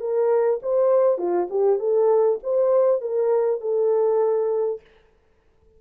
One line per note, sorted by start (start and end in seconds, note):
0.00 0.60 A#4
0.62 1.18 C5
1.18 1.48 F4
1.50 1.79 G4
1.79 2.39 A4
2.43 3.01 C5
3.01 3.61 A#4
3.61 4.81 A4